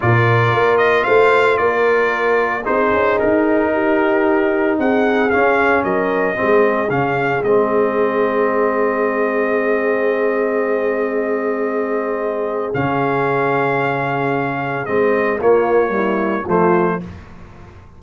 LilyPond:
<<
  \new Staff \with { instrumentName = "trumpet" } { \time 4/4 \tempo 4 = 113 d''4. dis''8 f''4 d''4~ | d''4 c''4 ais'2~ | ais'4 fis''4 f''4 dis''4~ | dis''4 f''4 dis''2~ |
dis''1~ | dis''1 | f''1 | dis''4 cis''2 c''4 | }
  \new Staff \with { instrumentName = "horn" } { \time 4/4 ais'2 c''4 ais'4~ | ais'4 gis'2 g'4~ | g'4 gis'2 ais'4 | gis'1~ |
gis'1~ | gis'1~ | gis'1~ | gis'4 f'4 e'4 f'4 | }
  \new Staff \with { instrumentName = "trombone" } { \time 4/4 f'1~ | f'4 dis'2.~ | dis'2 cis'2 | c'4 cis'4 c'2~ |
c'1~ | c'1 | cis'1 | c'4 ais4 g4 a4 | }
  \new Staff \with { instrumentName = "tuba" } { \time 4/4 ais,4 ais4 a4 ais4~ | ais4 c'8 cis'8 dis'2~ | dis'4 c'4 cis'4 fis4 | gis4 cis4 gis2~ |
gis1~ | gis1 | cis1 | gis4 ais2 f4 | }
>>